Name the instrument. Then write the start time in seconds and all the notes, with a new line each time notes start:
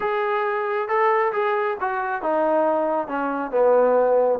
trombone
0.00 G#4
0.88 A4
1.33 G#4
1.80 F#4
2.22 D#4
3.07 C#4
3.51 B3